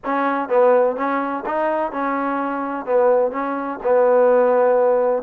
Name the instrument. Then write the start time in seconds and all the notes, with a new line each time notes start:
trombone
0.05 C#4
0.48 B3
0.96 C#4
1.46 D#4
1.92 C#4
2.85 B3
3.31 C#4
3.83 B3